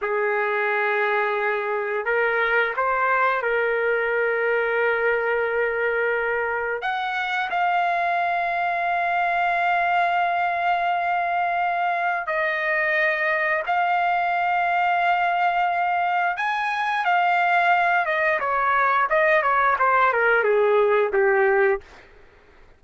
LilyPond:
\new Staff \with { instrumentName = "trumpet" } { \time 4/4 \tempo 4 = 88 gis'2. ais'4 | c''4 ais'2.~ | ais'2 fis''4 f''4~ | f''1~ |
f''2 dis''2 | f''1 | gis''4 f''4. dis''8 cis''4 | dis''8 cis''8 c''8 ais'8 gis'4 g'4 | }